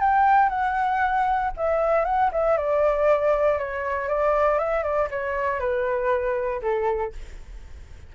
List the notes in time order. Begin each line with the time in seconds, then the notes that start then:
0.00 G5
0.49 F#5
1.57 E5
2.05 F#5
2.32 E5
2.57 D5
3.59 C#5
4.08 D5
4.59 E5
4.83 D5
5.11 C#5
5.60 B4
6.62 A4